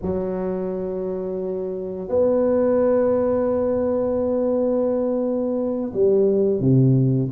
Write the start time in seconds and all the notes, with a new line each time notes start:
0.02 F#3
2.08 B3
5.93 G3
6.60 C3